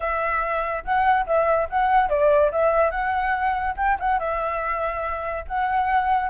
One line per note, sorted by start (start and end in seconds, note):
0.00 0.84 E5
0.84 1.26 F#5
1.26 1.68 E5
1.69 2.09 F#5
2.09 2.51 D5
2.51 2.90 E5
2.90 3.74 F#5
3.76 3.97 G5
3.99 4.19 F#5
4.19 5.45 E5
5.47 6.29 F#5